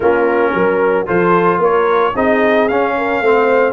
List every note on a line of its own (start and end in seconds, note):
0.00 0.53 A#3
0.00 1.06 C#4
0.00 0.54 F4
0.00 1.07 A#4
0.53 1.07 F#3
0.53 1.06 A#4
1.06 1.58 F3
1.06 2.13 F4
1.06 1.58 A4
1.06 1.61 C5
1.58 2.12 A#3
1.58 2.12 A#4
1.58 2.16 C#5
2.13 2.68 C4
2.13 2.69 D#4
2.13 2.93 G#4
2.13 2.68 D#5
2.68 3.20 C#4
2.68 3.24 C#4
2.68 3.72 F5
2.97 3.22 A#4
3.20 3.72 A3
3.20 3.72 C4
3.20 3.72 C5